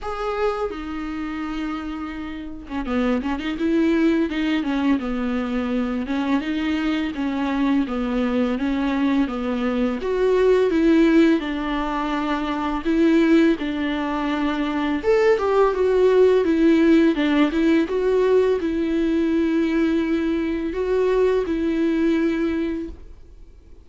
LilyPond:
\new Staff \with { instrumentName = "viola" } { \time 4/4 \tempo 4 = 84 gis'4 dis'2~ dis'8. cis'16 | b8 cis'16 dis'16 e'4 dis'8 cis'8 b4~ | b8 cis'8 dis'4 cis'4 b4 | cis'4 b4 fis'4 e'4 |
d'2 e'4 d'4~ | d'4 a'8 g'8 fis'4 e'4 | d'8 e'8 fis'4 e'2~ | e'4 fis'4 e'2 | }